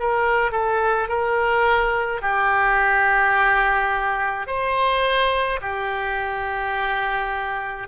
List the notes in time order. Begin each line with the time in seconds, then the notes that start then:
0.00 A#4
0.52 A4
1.09 A#4
2.22 G4
4.47 C5
5.61 G4